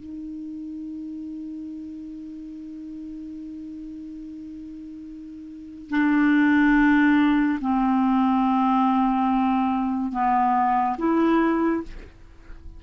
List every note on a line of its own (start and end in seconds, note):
0.00 5.90 D#4
5.90 7.59 D4
7.61 10.12 C4
10.12 10.96 B3
10.98 11.83 E4